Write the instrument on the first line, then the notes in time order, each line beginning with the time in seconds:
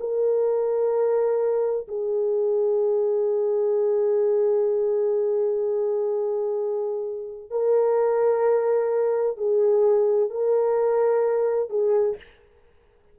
horn
0.00 A#4
1.88 G#4
7.51 A#4
9.37 G#4
10.30 A#4
11.70 G#4